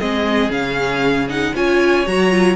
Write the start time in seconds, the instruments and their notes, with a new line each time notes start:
0.00 cello G#3, viola C4, violin G#4 D#5
0.50 cello C#3, viola C#4, violin F5
1.29 viola D#4, violin F#5
1.55 cello C#4, viola F4, violin C#5 G#5
2.07 cello F#3, viola F#4, violin A#5
2.31 viola F4